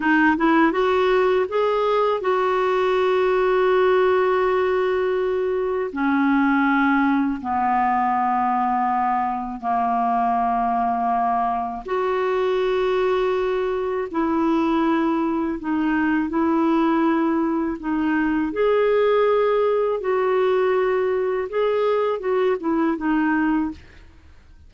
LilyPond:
\new Staff \with { instrumentName = "clarinet" } { \time 4/4 \tempo 4 = 81 dis'8 e'8 fis'4 gis'4 fis'4~ | fis'1 | cis'2 b2~ | b4 ais2. |
fis'2. e'4~ | e'4 dis'4 e'2 | dis'4 gis'2 fis'4~ | fis'4 gis'4 fis'8 e'8 dis'4 | }